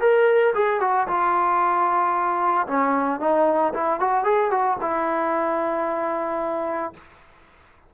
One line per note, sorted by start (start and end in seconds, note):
0.00 0.53 A#4
0.54 0.80 G#4
0.80 1.07 F#4
1.07 2.66 F4
2.67 3.20 C#4
3.20 3.73 D#4
3.73 4.00 E4
4.00 4.24 F#4
4.24 4.50 G#4
4.50 4.77 F#4
4.81 6.93 E4